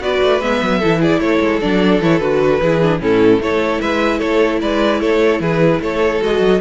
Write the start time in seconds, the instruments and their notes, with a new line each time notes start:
0.00 cello B3, viola F#4, violin B4 D5
0.22 cello A3
0.41 cello G#3, viola B3, violin E5
0.62 cello F#3
0.78 cello E3, viola E4, violin A4
1.00 violin G#4 D5
1.19 cello A3, violin A4 C#5
1.40 cello G#3
1.60 cello F#3, viola D4, violin D5
2.01 cello E3, viola E4, violin C#5
2.19 cello D3, viola F#4, violin B4
2.61 cello E3, viola E4, violin G#4
2.81 viola D4
2.99 cello A2, viola C#4, violin E4 A4
3.39 cello A3, viola E4, violin A4 C#5
3.81 cello G#3, violin B4 E5
4.18 cello A3, violin A4 C#5
4.61 cello G#3, violin B4 D5
5.00 cello A3, violin A4 C#5
5.40 cello E3, violin G#4 B4
5.81 cello A3, violin A4 C#5
6.21 cello G#3, viola F#4, violin D#5
6.40 cello F#3